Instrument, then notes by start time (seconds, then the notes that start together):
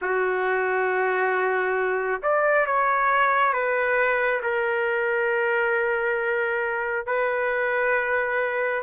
trumpet
0.01 F#4
2.22 D5
2.66 C#5
3.53 B4
4.42 A#4
7.06 B4